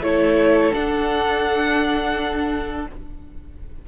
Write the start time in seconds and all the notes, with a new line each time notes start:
0.00 A3 E4 A4 C#5
0.72 D4 F#5